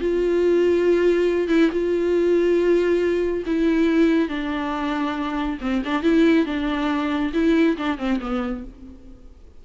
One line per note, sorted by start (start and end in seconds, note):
0.00 1.48 F4
1.48 1.69 E4
1.71 3.44 F4
3.46 4.29 E4
4.29 5.58 D4
5.61 5.82 C4
5.84 6.02 D4
6.02 6.45 E4
6.46 7.32 D4
7.33 7.76 E4
7.77 7.98 D4
7.98 8.19 C4
8.20 8.64 B3